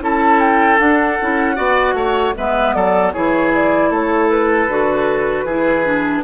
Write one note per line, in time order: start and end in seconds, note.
0.00 0.78 C#4
0.00 0.79 E4
0.00 1.56 A4
0.00 0.39 A5
0.39 0.78 G5
0.79 1.18 D4
0.79 2.35 F#5
1.21 1.58 C#4
1.21 1.55 E4
1.55 1.93 B3
1.55 2.33 F#4
1.55 1.94 D5
1.93 2.32 A3
1.93 2.34 C#5
2.37 2.74 G#3
2.37 3.14 B3
2.37 2.75 B4
2.37 2.73 E5
2.73 3.13 F#3
2.73 3.13 A4
2.73 3.12 D5
3.13 3.90 E3
3.13 4.69 E4
3.13 3.90 G#4
3.13 3.52 C#5
3.54 3.93 D5
3.90 4.68 A3
3.90 5.45 A4
3.90 4.30 C#5
4.30 6.23 B4
4.68 5.44 D3
4.68 5.47 F#4
5.44 6.22 E3
5.44 5.85 E4
5.44 6.23 G#4
5.85 6.23 D4